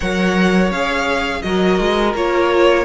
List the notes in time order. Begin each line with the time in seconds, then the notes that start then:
0.00 F#3 A#4 C#5 F#5
0.70 C#4 G#4 F5
1.42 F#3 F#4 A#4 D#5
1.79 G#3
2.14 A#3 F4 C#5